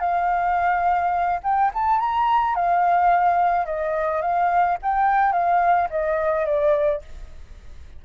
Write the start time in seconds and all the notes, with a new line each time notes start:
0.00 F5
1.43 G5
1.74 A5
1.99 A#5
2.55 F5
3.66 D#5
4.22 F5
4.82 G5
5.32 F5
5.90 D#5
6.45 D5